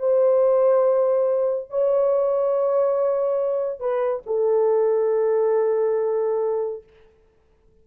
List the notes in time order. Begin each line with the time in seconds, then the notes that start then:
0.00 C5
1.70 C#5
3.80 B4
4.27 A4